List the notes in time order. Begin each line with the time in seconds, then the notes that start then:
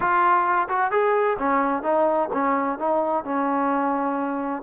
0.00 F4
0.69 F#4
0.91 G#4
1.38 C#4
1.83 D#4
2.33 C#4
2.78 D#4
3.24 C#4